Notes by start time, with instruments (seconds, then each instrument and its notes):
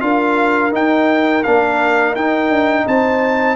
0.00 tuba D4, trombone F4, horn A#4, trumpet F5
0.72 trombone D#4, tuba D#4, trumpet G5
1.43 tuba A#3, trombone D4, trumpet F5
2.15 tuba D#4, trombone D#4, trumpet G5
2.50 tuba D4
2.85 tuba C4, horn C5, trumpet A5